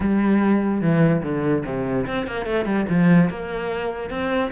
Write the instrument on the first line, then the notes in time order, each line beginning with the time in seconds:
cello
0.00 G3
0.81 E3
1.22 D3
1.65 C3
2.07 C4
2.26 A#3
2.46 A3
2.65 G3
2.89 F3
3.29 A#3
4.10 C4